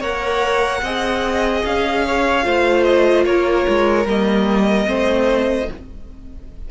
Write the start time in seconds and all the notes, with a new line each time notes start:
0.00 A#3 A#4 C#5 F#5
0.82 C4 G#4 D#5
1.65 C#4 F5
2.07 C#5
2.43 A3 F4 C5
2.84 D#5
3.26 A#3 A#4 C#5
3.69 G#3
4.06 G3 A#3 D#5
4.86 A3 C4 C5